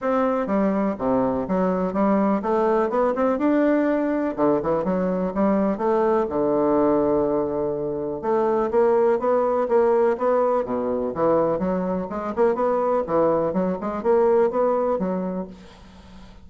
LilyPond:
\new Staff \with { instrumentName = "bassoon" } { \time 4/4 \tempo 4 = 124 c'4 g4 c4 fis4 | g4 a4 b8 c'8 d'4~ | d'4 d8 e8 fis4 g4 | a4 d2.~ |
d4 a4 ais4 b4 | ais4 b4 b,4 e4 | fis4 gis8 ais8 b4 e4 | fis8 gis8 ais4 b4 fis4 | }